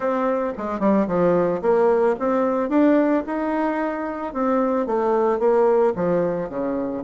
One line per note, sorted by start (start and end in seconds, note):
0.00 0.52 C4
0.57 0.79 G#3
0.79 1.06 G3
1.07 1.61 F3
1.61 2.15 A#3
2.19 2.69 C4
2.69 3.23 D4
3.26 4.33 D#4
4.33 4.86 C4
4.86 5.39 A3
5.39 5.93 A#3
5.95 6.49 F3
6.49 7.03 C#3